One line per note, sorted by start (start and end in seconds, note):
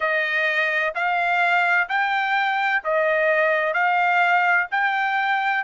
0.00 0.94 D#5
0.94 1.88 F5
1.88 2.82 G5
2.84 3.73 D#5
3.73 4.67 F5
4.71 5.64 G5